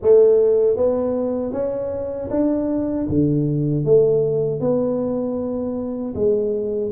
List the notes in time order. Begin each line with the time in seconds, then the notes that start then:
0.02 A3
0.76 B3
1.52 C#4
2.30 D4
3.08 D3
3.84 A3
4.60 B3
6.14 G#3